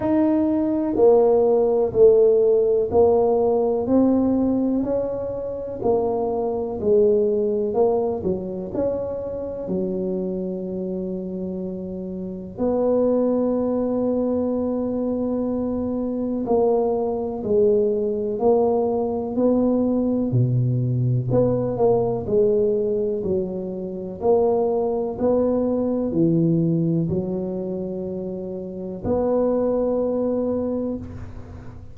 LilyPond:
\new Staff \with { instrumentName = "tuba" } { \time 4/4 \tempo 4 = 62 dis'4 ais4 a4 ais4 | c'4 cis'4 ais4 gis4 | ais8 fis8 cis'4 fis2~ | fis4 b2.~ |
b4 ais4 gis4 ais4 | b4 b,4 b8 ais8 gis4 | fis4 ais4 b4 e4 | fis2 b2 | }